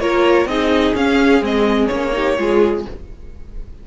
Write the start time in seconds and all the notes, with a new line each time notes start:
0.00 A#3 F4 A#4 C#5
0.46 C4 D#4 G#4 D#5
0.95 C#4 F5
1.41 G#3 C4 D#5
1.87 A#3 C#4 C#5
2.12 D#4 G4
2.38 G#3 F4 G#4